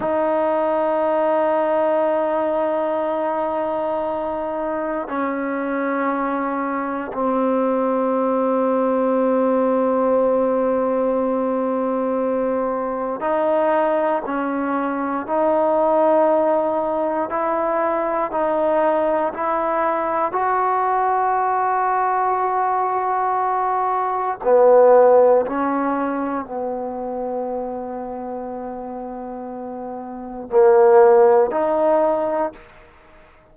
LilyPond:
\new Staff \with { instrumentName = "trombone" } { \time 4/4 \tempo 4 = 59 dis'1~ | dis'4 cis'2 c'4~ | c'1~ | c'4 dis'4 cis'4 dis'4~ |
dis'4 e'4 dis'4 e'4 | fis'1 | b4 cis'4 b2~ | b2 ais4 dis'4 | }